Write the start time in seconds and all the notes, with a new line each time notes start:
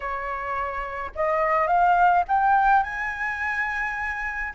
0.00 C#5
1.15 D#5
1.67 F5
2.27 G5
2.83 G#5